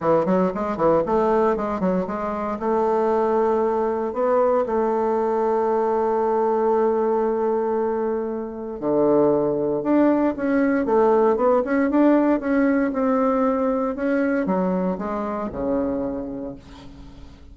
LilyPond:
\new Staff \with { instrumentName = "bassoon" } { \time 4/4 \tempo 4 = 116 e8 fis8 gis8 e8 a4 gis8 fis8 | gis4 a2. | b4 a2.~ | a1~ |
a4 d2 d'4 | cis'4 a4 b8 cis'8 d'4 | cis'4 c'2 cis'4 | fis4 gis4 cis2 | }